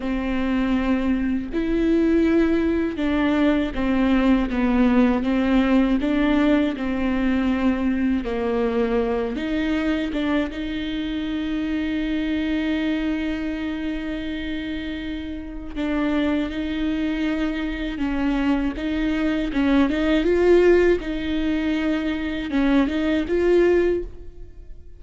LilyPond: \new Staff \with { instrumentName = "viola" } { \time 4/4 \tempo 4 = 80 c'2 e'2 | d'4 c'4 b4 c'4 | d'4 c'2 ais4~ | ais8 dis'4 d'8 dis'2~ |
dis'1~ | dis'4 d'4 dis'2 | cis'4 dis'4 cis'8 dis'8 f'4 | dis'2 cis'8 dis'8 f'4 | }